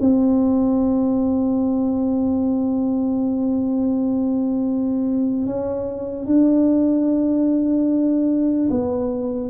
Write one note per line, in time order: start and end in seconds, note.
0.00 5.46 C4
5.46 6.26 C#4
6.26 8.69 D4
8.70 9.49 B3